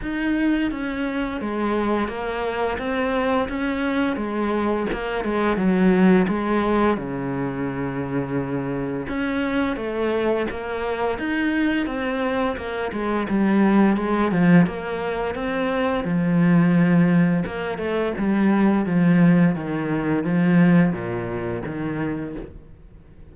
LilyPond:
\new Staff \with { instrumentName = "cello" } { \time 4/4 \tempo 4 = 86 dis'4 cis'4 gis4 ais4 | c'4 cis'4 gis4 ais8 gis8 | fis4 gis4 cis2~ | cis4 cis'4 a4 ais4 |
dis'4 c'4 ais8 gis8 g4 | gis8 f8 ais4 c'4 f4~ | f4 ais8 a8 g4 f4 | dis4 f4 ais,4 dis4 | }